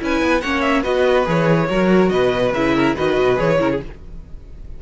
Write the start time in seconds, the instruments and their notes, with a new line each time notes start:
0.00 cello C#4, viola E4, violin B4 G#5
0.22 cello B3
0.42 cello A#3, viola C#4, violin C#5 F#5
0.61 violin E5
0.82 cello B3, viola F#4, violin B4 D#5
1.26 cello E3, viola G#4, violin C#5
1.69 cello F#3, viola F#4, violin A#4
2.10 cello B2, violin B4 D#5
2.54 cello C#3, viola E4, violin E5
2.76 violin A#4
2.96 cello D#3, viola F#4, violin B4 D#5
3.18 cello B2
3.36 cello E3, viola G#4, violin C#5
3.59 cello C#3, viola E4, violin A#4
3.72 violin G#4